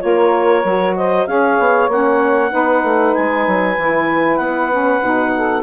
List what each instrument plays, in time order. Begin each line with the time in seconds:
0.00 bassoon A#3, saxophone F4 A#4, clarinet C#5
0.64 bassoon F#3, saxophone F#4
0.96 saxophone C5, clarinet D#5
1.27 bassoon C#4, saxophone G#4 C#5, clarinet F5
1.59 bassoon B3
1.89 bassoon A#3, saxophone C#4, clarinet F#5
2.50 bassoon B3, saxophone D#4 B4
2.84 bassoon A3
3.15 bassoon G#3, clarinet G#5
3.47 bassoon F#3
3.78 bassoon E3, saxophone E4
4.37 bassoon B3, clarinet F#5
4.71 saxophone C#4
5.01 bassoon B2, saxophone D#4
5.36 saxophone A4